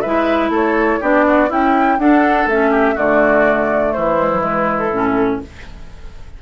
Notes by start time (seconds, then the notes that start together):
0.00 G#3 E4 B4 E5
0.49 A3 A4 C#5
1.00 B3 D4 G4 D5
1.27 F#4
1.48 C#4 E4 G5
1.98 D4 A4 F#5
2.46 A3 C#4 E5
2.70 G4
2.94 D3 A3 F#4 D5
3.92 E3 E4 C5
4.17 G#3
4.32 F#3
4.40 G#3 B4
4.78 A4
4.91 A2 C#4